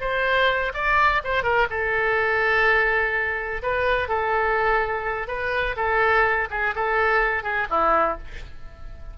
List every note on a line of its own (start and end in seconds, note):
0.00 0.72 C5
0.74 1.22 D5
1.24 1.43 C5
1.43 1.67 A#4
1.70 3.62 A4
3.62 4.08 B4
4.08 5.27 A4
5.27 5.75 B4
5.76 6.48 A4
6.50 6.74 G#4
6.75 7.43 A4
7.43 7.67 G#4
7.70 8.18 E4